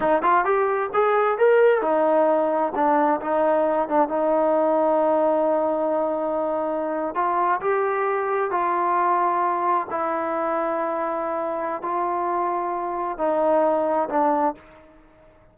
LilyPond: \new Staff \with { instrumentName = "trombone" } { \time 4/4 \tempo 4 = 132 dis'8 f'8 g'4 gis'4 ais'4 | dis'2 d'4 dis'4~ | dis'8 d'8 dis'2.~ | dis'2.~ dis'8. f'16~ |
f'8. g'2 f'4~ f'16~ | f'4.~ f'16 e'2~ e'16~ | e'2 f'2~ | f'4 dis'2 d'4 | }